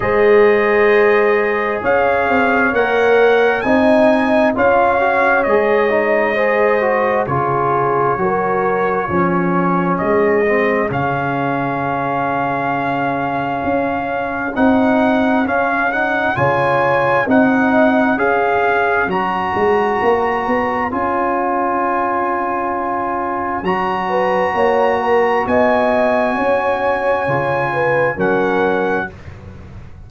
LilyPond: <<
  \new Staff \with { instrumentName = "trumpet" } { \time 4/4 \tempo 4 = 66 dis''2 f''4 fis''4 | gis''4 f''4 dis''2 | cis''2. dis''4 | f''1 |
fis''4 f''8 fis''8 gis''4 fis''4 | f''4 ais''2 gis''4~ | gis''2 ais''2 | gis''2. fis''4 | }
  \new Staff \with { instrumentName = "horn" } { \time 4/4 c''2 cis''2 | dis''4 cis''2 c''4 | gis'4 ais'4 gis'2~ | gis'1~ |
gis'2 cis''4 dis''4 | cis''1~ | cis''2~ cis''8 b'8 cis''8 ais'8 | dis''4 cis''4. b'8 ais'4 | }
  \new Staff \with { instrumentName = "trombone" } { \time 4/4 gis'2. ais'4 | dis'4 f'8 fis'8 gis'8 dis'8 gis'8 fis'8 | f'4 fis'4 cis'4. c'8 | cis'1 |
dis'4 cis'8 dis'8 f'4 dis'4 | gis'4 fis'2 f'4~ | f'2 fis'2~ | fis'2 f'4 cis'4 | }
  \new Staff \with { instrumentName = "tuba" } { \time 4/4 gis2 cis'8 c'8 ais4 | c'4 cis'4 gis2 | cis4 fis4 f4 gis4 | cis2. cis'4 |
c'4 cis'4 cis4 c'4 | cis'4 fis8 gis8 ais8 b8 cis'4~ | cis'2 fis4 ais4 | b4 cis'4 cis4 fis4 | }
>>